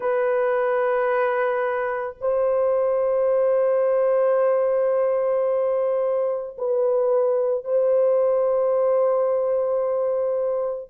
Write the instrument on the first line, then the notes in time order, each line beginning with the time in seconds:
horn
0.00 B4
2.20 C5
6.58 B4
7.64 C5